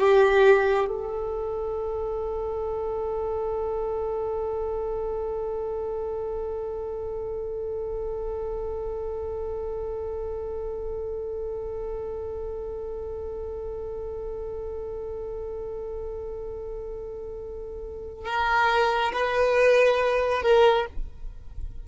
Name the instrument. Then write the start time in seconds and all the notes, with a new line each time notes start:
violin
0.00 G4
0.88 A4
18.26 A#4
19.13 B4
20.43 A#4